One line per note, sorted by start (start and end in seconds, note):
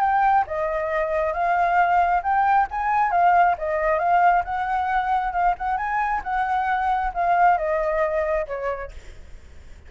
0.00 0.44 G5
0.47 1.33 D#5
1.33 2.22 F5
2.23 2.67 G5
2.71 3.11 G#5
3.11 3.56 F5
3.58 3.99 D#5
3.99 4.43 F5
4.44 5.32 F#5
5.32 5.55 F5
5.58 5.77 F#5
5.77 6.21 G#5
6.23 7.12 F#5
7.14 7.58 F5
7.58 8.46 D#5
8.46 8.91 C#5